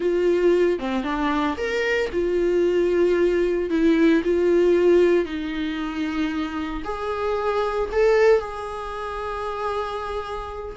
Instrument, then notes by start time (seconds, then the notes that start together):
viola
0.00 F4
0.79 C4
1.03 D4
1.57 A#4
2.12 F4
3.69 E4
4.24 F4
5.25 D#4
6.84 G#4
7.92 A4
8.39 G#4